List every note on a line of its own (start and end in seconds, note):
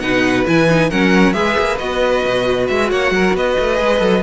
0.00 0.46 B2
0.00 0.46 D#4
0.00 0.90 B4
0.00 0.44 F#5
0.46 0.91 E3
0.46 0.68 E4
0.46 0.90 G#5
0.69 0.91 D#4
0.90 1.34 F#3
0.90 1.34 C#4
0.90 1.34 A#4
0.90 1.33 F#5
1.33 1.56 G#3
1.33 1.78 G#4
1.33 2.90 B4
1.33 1.78 E5
1.58 1.80 A#3
1.78 2.25 B3
1.78 3.75 F#4
1.78 2.67 D#5
2.25 2.69 B2
2.68 2.91 G#3
2.68 2.90 E5
2.90 3.11 A#3
2.90 3.13 C#5
2.90 3.36 F#5
3.11 3.33 F#3
3.11 3.36 A#4
3.34 3.56 B3
3.34 4.23 B4
3.34 4.23 D#5
3.59 3.80 A3
3.75 4.01 G#3
3.75 3.97 G#4
3.99 4.23 F#3
3.99 4.22 A4